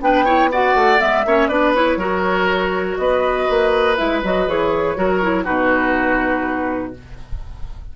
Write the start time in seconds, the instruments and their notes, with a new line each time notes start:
0.00 bassoon B3, clarinet D4, oboe B4, flute G5
0.24 clarinet E4, oboe C#5
0.51 clarinet F#4, oboe D5, flute F#5
0.74 bassoon A3
0.98 bassoon G#3, clarinet B3, flute E5
1.25 bassoon A#3, clarinet C#4, oboe C#5
1.47 bassoon B3, clarinet D4, oboe B4, flute D5
1.74 clarinet E4, flute C#5
1.96 bassoon F#3, clarinet F#4, oboe A#4
2.97 bassoon B3, oboe B4, flute D#5
3.49 bassoon A#3
3.96 bassoon G#3, clarinet E4, flute E5
4.23 bassoon F#3, clarinet F#4, flute D#5
4.47 bassoon E3, clarinet G#4, flute C#5
4.95 bassoon F#3, clarinet F#4, oboe A#4
5.21 clarinet E4
5.44 bassoon B2, clarinet D#4, oboe F#4, flute B4